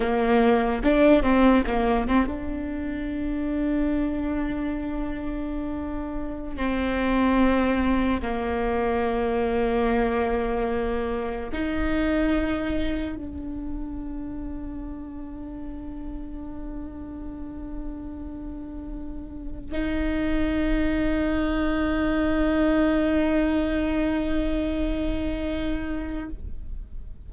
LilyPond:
\new Staff \with { instrumentName = "viola" } { \time 4/4 \tempo 4 = 73 ais4 d'8 c'8 ais8 c'16 d'4~ d'16~ | d'1 | c'2 ais2~ | ais2 dis'2 |
d'1~ | d'1 | dis'1~ | dis'1 | }